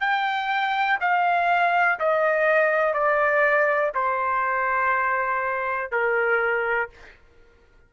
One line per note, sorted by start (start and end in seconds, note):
0.00 0.98 G5
1.01 1.99 F5
1.99 2.94 D#5
2.94 3.92 D5
3.94 5.91 C5
5.92 6.90 A#4